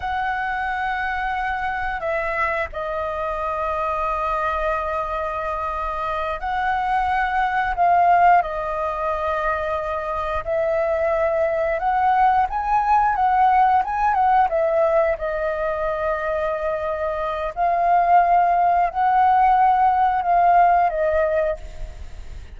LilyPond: \new Staff \with { instrumentName = "flute" } { \time 4/4 \tempo 4 = 89 fis''2. e''4 | dis''1~ | dis''4. fis''2 f''8~ | f''8 dis''2. e''8~ |
e''4. fis''4 gis''4 fis''8~ | fis''8 gis''8 fis''8 e''4 dis''4.~ | dis''2 f''2 | fis''2 f''4 dis''4 | }